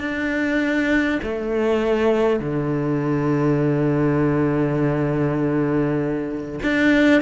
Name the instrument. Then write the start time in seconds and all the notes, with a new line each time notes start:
cello
0.00 D4
1.23 A3
2.40 D3
6.63 D4